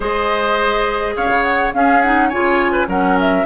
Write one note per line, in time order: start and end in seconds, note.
0.00 1.16 G#3
0.00 1.71 G#4
0.00 1.14 C5
0.00 1.16 D#5
1.16 1.28 C#4
1.16 1.73 C#5
1.16 1.43 F5
1.28 1.72 C#3
1.43 1.71 F#5
1.73 2.02 C#4
1.73 2.31 C#4
1.73 2.29 G#4
1.73 2.01 F5
2.01 2.31 D#4
2.01 2.29 F#5
2.29 2.87 C#3
2.29 2.87 F4
2.29 2.72 C#5
2.29 2.87 G#5
2.72 2.86 B4
2.87 3.44 F#3
2.87 3.45 C#4
2.87 3.45 A#4
2.87 3.18 F#5
3.20 3.45 E5